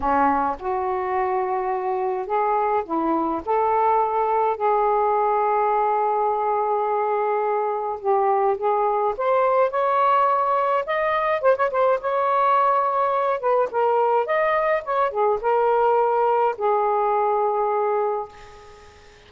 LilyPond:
\new Staff \with { instrumentName = "saxophone" } { \time 4/4 \tempo 4 = 105 cis'4 fis'2. | gis'4 e'4 a'2 | gis'1~ | gis'2 g'4 gis'4 |
c''4 cis''2 dis''4 | c''16 cis''16 c''8 cis''2~ cis''8 b'8 | ais'4 dis''4 cis''8 gis'8 ais'4~ | ais'4 gis'2. | }